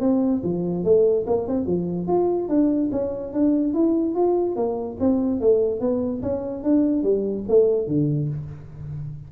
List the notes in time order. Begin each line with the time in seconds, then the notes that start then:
0.00 C4
0.43 F3
0.84 A3
1.27 A#3
1.47 C4
1.66 F3
2.07 F4
2.48 D4
2.91 C#4
3.33 D4
3.74 E4
4.15 F4
4.56 A#3
5.00 C4
5.40 A3
5.80 B3
6.22 C#4
6.63 D4
7.03 G3
7.48 A3
7.87 D3